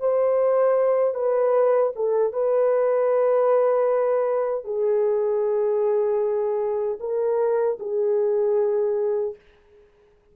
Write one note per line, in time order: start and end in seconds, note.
0.00 1.14 C5
1.14 1.92 B4
1.96 2.33 A4
2.33 4.65 B4
4.65 6.98 G#4
7.00 7.78 A#4
7.80 9.35 G#4